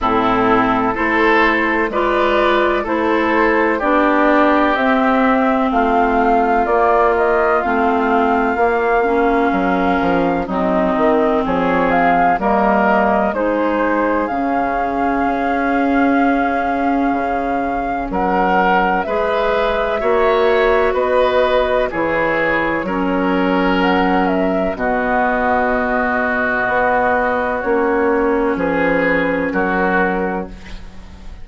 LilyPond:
<<
  \new Staff \with { instrumentName = "flute" } { \time 4/4 \tempo 4 = 63 a'4 c''4 d''4 c''4 | d''4 e''4 f''4 d''8 dis''8 | f''2. dis''4 | cis''8 f''8 dis''4 c''4 f''4~ |
f''2. fis''4 | e''2 dis''4 cis''4~ | cis''4 fis''8 e''8 dis''2~ | dis''4 cis''4 b'4 ais'4 | }
  \new Staff \with { instrumentName = "oboe" } { \time 4/4 e'4 a'4 b'4 a'4 | g'2 f'2~ | f'2 ais'4 dis'4 | gis'4 ais'4 gis'2~ |
gis'2. ais'4 | b'4 cis''4 b'4 gis'4 | ais'2 fis'2~ | fis'2 gis'4 fis'4 | }
  \new Staff \with { instrumentName = "clarinet" } { \time 4/4 c'4 e'4 f'4 e'4 | d'4 c'2 ais4 | c'4 ais8 cis'4. c'4~ | c'4 ais4 dis'4 cis'4~ |
cis'1 | gis'4 fis'2 e'4 | cis'2 b2~ | b4 cis'2. | }
  \new Staff \with { instrumentName = "bassoon" } { \time 4/4 a,4 a4 gis4 a4 | b4 c'4 a4 ais4 | a4 ais4 fis8 f8 fis8 dis8 | f4 g4 gis4 cis4 |
cis'2 cis4 fis4 | gis4 ais4 b4 e4 | fis2 b,2 | b4 ais4 f4 fis4 | }
>>